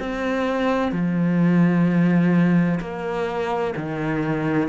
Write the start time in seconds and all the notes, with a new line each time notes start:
0.00 C4
0.92 F3
2.80 A#3
3.76 D#3